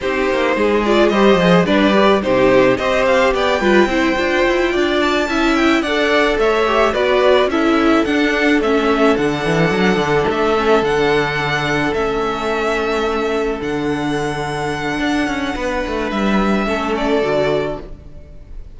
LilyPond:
<<
  \new Staff \with { instrumentName = "violin" } { \time 4/4 \tempo 4 = 108 c''4. d''8 dis''4 d''4 | c''4 dis''8 f''8 g''2~ | g''4 a''4 g''8 fis''4 e''8~ | e''8 d''4 e''4 fis''4 e''8~ |
e''8 fis''2 e''4 fis''8~ | fis''4. e''2~ e''8~ | e''8 fis''2.~ fis''8~ | fis''4 e''4. d''4. | }
  \new Staff \with { instrumentName = "violin" } { \time 4/4 g'4 gis'4 c''4 b'4 | g'4 c''4 d''8 b'8 c''4~ | c''8 d''4 e''4 d''4 cis''8~ | cis''8 b'4 a'2~ a'8~ |
a'1~ | a'1~ | a'1 | b'2 a'2 | }
  \new Staff \with { instrumentName = "viola" } { \time 4/4 dis'4. f'8 g'8 gis'8 d'8 g'8 | dis'4 g'4. f'8 e'8 f'8~ | f'4. e'4 a'4. | g'8 fis'4 e'4 d'4 cis'8~ |
cis'8 d'2~ d'8 cis'8 d'8~ | d'4. cis'2~ cis'8~ | cis'8 d'2.~ d'8~ | d'2 cis'4 fis'4 | }
  \new Staff \with { instrumentName = "cello" } { \time 4/4 c'8 ais8 gis4 g8 f8 g4 | c4 c'4 b8 g8 c'8 d'8 | e'8 d'4 cis'4 d'4 a8~ | a8 b4 cis'4 d'4 a8~ |
a8 d8 e8 fis8 d8 a4 d8~ | d4. a2~ a8~ | a8 d2~ d8 d'8 cis'8 | b8 a8 g4 a4 d4 | }
>>